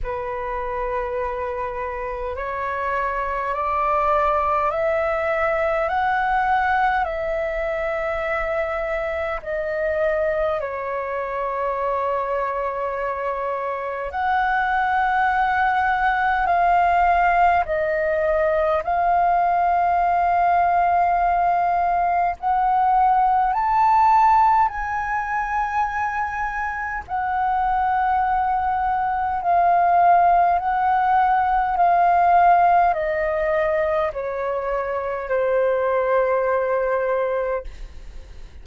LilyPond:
\new Staff \with { instrumentName = "flute" } { \time 4/4 \tempo 4 = 51 b'2 cis''4 d''4 | e''4 fis''4 e''2 | dis''4 cis''2. | fis''2 f''4 dis''4 |
f''2. fis''4 | a''4 gis''2 fis''4~ | fis''4 f''4 fis''4 f''4 | dis''4 cis''4 c''2 | }